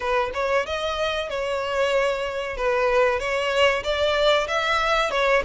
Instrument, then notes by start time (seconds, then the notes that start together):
violin
0.00 B4
0.34 C#5
0.66 D#5
1.29 C#5
2.56 B4
3.19 C#5
3.83 D5
4.47 E5
5.10 C#5